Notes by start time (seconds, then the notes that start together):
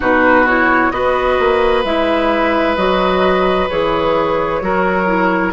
0.00 B2 D#4 F#4 B4
0.47 E4 C#5
0.91 B3 F#4 B4 D#5
1.39 A#3
1.84 G#3 E4 E5
2.76 F#3 F#4 D#5
3.68 E3 G#4 C#5
4.61 F#3 F#4 A#4
5.06 E4